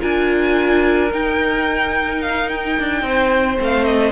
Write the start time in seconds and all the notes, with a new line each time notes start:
0.00 D4 F4 A#4 G#5
1.12 D#4 G5
2.22 F5
2.50 G5
2.79 D4
3.03 C4 C5
3.58 A3 C4
3.64 F5
3.85 D#5